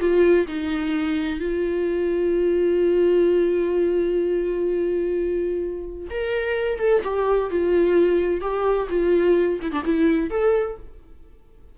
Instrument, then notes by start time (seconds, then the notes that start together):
viola
0.00 F4
0.48 D#4
1.40 F4
6.11 A#4
6.79 A4
7.04 G4
7.50 F4
8.41 G4
8.90 F4
9.62 E4
9.72 D4
9.85 E4
10.31 A4